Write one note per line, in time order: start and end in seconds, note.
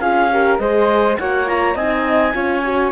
0.00 0.59 C#4
0.00 0.31 F4
0.00 0.30 G#4
0.00 0.58 F5
0.31 0.60 G4
0.31 0.60 A#4
0.58 1.17 G#3
0.58 1.18 G#4
0.58 1.19 C5
0.58 1.17 D#5
1.18 1.75 A#3
1.18 1.47 F#4
1.18 1.75 C#5
1.18 1.48 F#5
1.47 1.77 F4
1.47 1.77 A#5
1.75 2.33 C4
1.75 2.34 D#4
1.75 2.33 D#5
1.75 2.92 G#5
2.34 2.92 C#4
2.34 2.63 F4
2.34 2.92 C#5
2.65 2.92 F#4